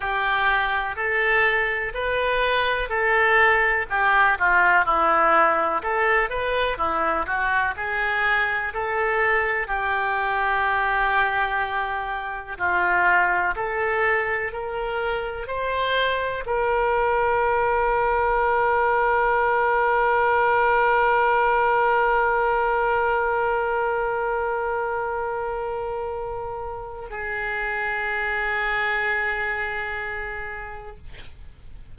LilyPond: \new Staff \with { instrumentName = "oboe" } { \time 4/4 \tempo 4 = 62 g'4 a'4 b'4 a'4 | g'8 f'8 e'4 a'8 b'8 e'8 fis'8 | gis'4 a'4 g'2~ | g'4 f'4 a'4 ais'4 |
c''4 ais'2.~ | ais'1~ | ais'1 | gis'1 | }